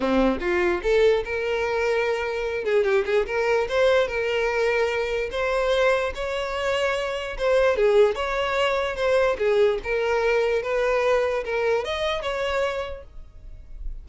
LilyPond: \new Staff \with { instrumentName = "violin" } { \time 4/4 \tempo 4 = 147 c'4 f'4 a'4 ais'4~ | ais'2~ ais'8 gis'8 g'8 gis'8 | ais'4 c''4 ais'2~ | ais'4 c''2 cis''4~ |
cis''2 c''4 gis'4 | cis''2 c''4 gis'4 | ais'2 b'2 | ais'4 dis''4 cis''2 | }